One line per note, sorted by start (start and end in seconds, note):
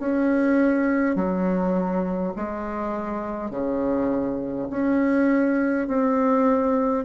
0.00 1.16 C#4
1.16 2.34 F#3
2.36 3.51 G#3
3.51 4.68 C#3
4.70 5.88 C#4
5.88 7.05 C4